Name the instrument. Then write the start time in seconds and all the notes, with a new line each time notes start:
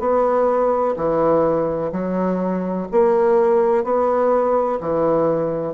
bassoon
0.00 B3
0.97 E3
1.92 F#3
2.92 A#3
3.84 B3
4.81 E3